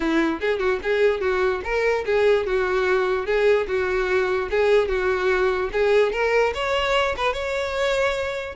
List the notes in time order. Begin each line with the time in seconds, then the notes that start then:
0.00 E4
0.40 G#4
0.59 F#4
0.83 G#4
1.20 F#4
1.64 A#4
2.05 G#4
2.46 F#4
3.26 G#4
3.67 F#4
4.50 G#4
4.88 F#4
5.72 G#4
6.12 A#4
6.54 C#5
7.16 B4
7.33 C#5